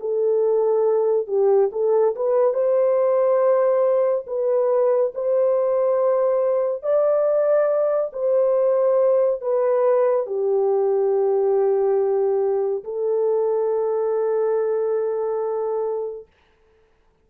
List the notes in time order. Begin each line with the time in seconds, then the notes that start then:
0.00 A4
1.27 G4
1.72 A4
2.15 B4
2.54 C5
4.27 B4
5.14 C5
6.83 D5
8.12 C5
9.41 B4
10.26 G4
12.84 A4